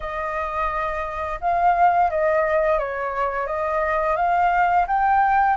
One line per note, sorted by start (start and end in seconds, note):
0.00 1.40 D#5
1.40 2.10 F5
2.10 2.78 D#5
2.78 3.46 C#5
3.46 4.16 D#5
4.16 4.86 F5
4.87 5.57 G5